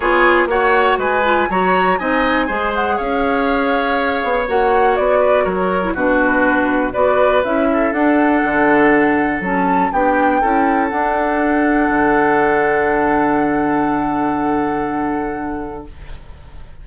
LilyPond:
<<
  \new Staff \with { instrumentName = "flute" } { \time 4/4 \tempo 4 = 121 cis''4 fis''4 gis''4 ais''4 | gis''4. fis''8 f''2~ | f''4 fis''4 d''4 cis''4 | b'2 d''4 e''4 |
fis''2. a''4 | g''2 fis''2~ | fis''1~ | fis''1 | }
  \new Staff \with { instrumentName = "oboe" } { \time 4/4 gis'4 cis''4 b'4 cis''4 | dis''4 c''4 cis''2~ | cis''2~ cis''8 b'8 ais'4 | fis'2 b'4. a'8~ |
a'1 | g'4 a'2.~ | a'1~ | a'1 | }
  \new Staff \with { instrumentName = "clarinet" } { \time 4/4 f'4 fis'4. f'8 fis'4 | dis'4 gis'2.~ | gis'4 fis'2~ fis'8. e'16 | d'2 fis'4 e'4 |
d'2. cis'4 | d'4 e'4 d'2~ | d'1~ | d'1 | }
  \new Staff \with { instrumentName = "bassoon" } { \time 4/4 b4 ais4 gis4 fis4 | c'4 gis4 cis'2~ | cis'8 b8 ais4 b4 fis4 | b,2 b4 cis'4 |
d'4 d2 fis4 | b4 cis'4 d'2 | d1~ | d1 | }
>>